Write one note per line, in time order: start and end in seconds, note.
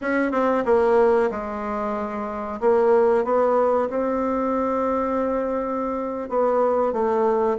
0.01 0.31 C#4
0.31 0.64 C4
0.65 1.29 A#3
1.30 2.60 G#3
2.60 3.24 A#3
3.24 3.89 B3
3.89 6.29 C4
6.29 6.92 B3
6.92 7.57 A3